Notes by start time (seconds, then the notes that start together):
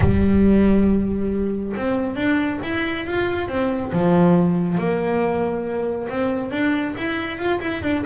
0.00 G3
1.76 C4
2.15 D4
2.63 E4
3.06 F4
3.48 C4
3.92 F3
4.77 A#3
6.09 C4
6.51 D4
6.97 E4
7.38 F4
7.60 E4
7.82 D4